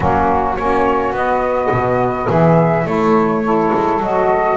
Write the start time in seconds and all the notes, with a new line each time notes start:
0.00 F#3 A#3 C#4 F#4
0.56 A#3 C#4 F#4 C#5
1.11 B3 D#5
1.71 B2
2.26 E3 G#4 E5
2.85 A3 E4 C#5
3.43 E4 A4
3.74 G#3
3.99 F#3 F#4 D#5